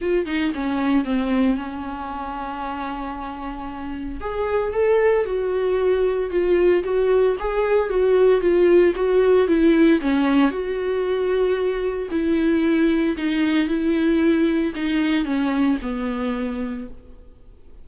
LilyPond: \new Staff \with { instrumentName = "viola" } { \time 4/4 \tempo 4 = 114 f'8 dis'8 cis'4 c'4 cis'4~ | cis'1 | gis'4 a'4 fis'2 | f'4 fis'4 gis'4 fis'4 |
f'4 fis'4 e'4 cis'4 | fis'2. e'4~ | e'4 dis'4 e'2 | dis'4 cis'4 b2 | }